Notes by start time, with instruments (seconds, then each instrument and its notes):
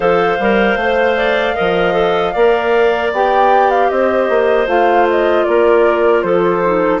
0.00 bassoon F3, clarinet A4 C5, flute F5
0.39 bassoon G3, clarinet A#4
0.75 bassoon A3, clarinet C5
1.16 clarinet D5
1.55 bassoon F3, clarinet A#4 D#5
1.93 clarinet A4
2.32 bassoon A#3, clarinet A#4 D5
3.12 bassoon B3, clarinet G4, flute G5
3.70 flute F5
3.89 bassoon C4, clarinet C5, flute D#5
4.29 bassoon A#3
4.66 bassoon A3, clarinet F4, flute F5
5.10 flute D#5
5.44 bassoon A#3, clarinet A#4, flute D5
6.21 bassoon F3, clarinet A4, flute C5
6.64 clarinet D#4